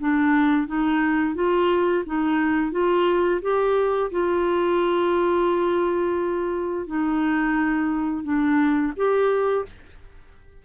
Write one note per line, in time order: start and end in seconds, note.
0.00 0.67 D4
0.67 1.35 D#4
1.35 2.04 F4
2.06 2.72 D#4
2.72 3.41 F4
3.42 4.11 G4
4.11 6.87 F4
6.87 8.24 D#4
8.24 8.92 D4
8.96 9.65 G4